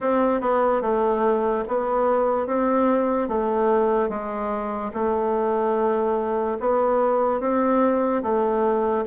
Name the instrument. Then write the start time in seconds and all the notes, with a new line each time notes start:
bassoon
0.00 C4
0.40 B3
0.81 A3
1.67 B3
2.47 C4
3.28 A3
4.09 G#3
4.93 A3
6.60 B3
7.40 C4
8.22 A3